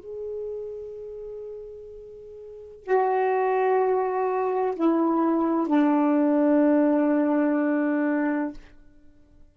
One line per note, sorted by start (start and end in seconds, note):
0.00 2.84 G#4
2.84 4.74 F#4
4.76 5.68 E4
5.68 8.53 D4